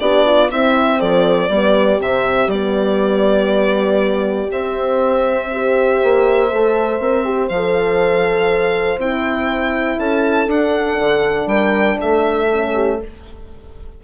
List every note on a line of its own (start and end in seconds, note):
0.00 0.51 B3
0.00 0.50 D4
0.00 0.26 G4
0.00 0.50 D5
0.26 0.51 F4
0.51 1.51 C4
0.51 1.02 C4
0.51 0.99 E4
0.51 1.01 E5
0.99 1.49 F3
0.99 1.49 A4
0.99 2.01 D5
1.49 1.99 G3
1.49 1.99 B3
1.49 5.51 G4
1.99 2.48 C3
1.99 2.49 C4
1.99 2.51 E5
2.48 4.48 G3
2.48 4.51 B3
2.48 4.51 D5
4.51 5.51 C4
4.51 6.02 C4
4.51 7.49 E5
5.53 6.51 G4
5.53 9.99 C5
6.03 6.53 A#3
6.51 7.00 A3
6.51 7.01 A4
7.00 7.50 C4
7.00 7.25 A#4
7.25 7.50 G4
7.49 8.98 F3
7.49 8.99 F5
7.56 9.01 A4
8.98 9.98 C4
8.98 10.51 E4
8.98 10.00 G5
9.98 10.47 C#4
9.98 11.49 A4
9.98 10.50 A5
10.47 10.97 D4
10.47 12.51 D4
10.47 11.48 F#5
10.99 11.47 D3
11.47 11.97 G3
11.47 11.99 A#4
11.47 11.98 G5
12.00 13.04 A3
12.00 12.74 A4
12.00 13.01 E5
12.53 13.03 C#4
12.74 12.99 G4